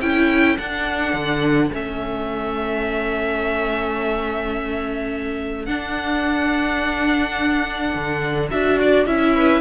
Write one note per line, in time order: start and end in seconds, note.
0.00 0.58 C#4
0.00 0.58 E4
0.00 9.34 A4
0.00 0.57 G5
0.58 1.71 D4
0.58 1.14 D4
0.58 1.72 F#5
1.14 1.70 D3
1.73 5.68 A3
1.73 5.68 C#4
1.73 5.66 E5
5.66 7.94 D4
5.66 8.51 D4
5.66 8.49 F#5
7.95 8.52 D3
8.51 9.06 D4
8.51 9.07 F#4
8.51 8.79 E5
8.81 9.07 D5
9.06 9.61 C#4
9.06 9.61 E4
9.06 9.61 E5
9.35 9.61 B4